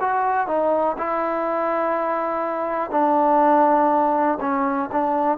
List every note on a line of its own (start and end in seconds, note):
0.00 0.47 F#4
0.47 0.96 D#4
0.97 2.91 E4
2.91 4.38 D4
4.40 4.90 C#4
4.92 5.37 D4